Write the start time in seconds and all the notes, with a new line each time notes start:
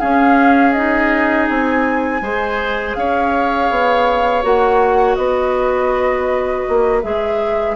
0.00 C#4 G#4 F5
0.73 D#4 D#5
1.49 C4 G#5
2.21 G#3 G#4 C5
2.95 C#4 C#5 F5
3.70 B3
4.43 A#3 F#4 F#5
5.16 B3 B4 D#5
6.69 A#3
7.02 G#3 G#4 E5